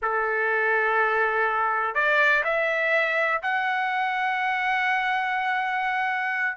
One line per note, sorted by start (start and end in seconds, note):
0.02 1.94 A4
1.94 2.43 D5
2.44 3.41 E5
3.42 6.56 F#5